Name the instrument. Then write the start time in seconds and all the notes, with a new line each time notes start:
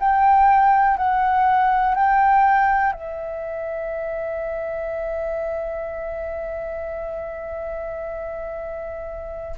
flute
0.00 G5
0.97 F#5
1.95 G5
2.93 E5